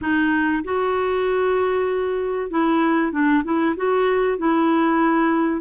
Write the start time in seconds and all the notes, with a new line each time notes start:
0.01 D#4
0.64 F#4
2.50 E4
3.12 D4
3.44 E4
3.76 F#4
4.38 E4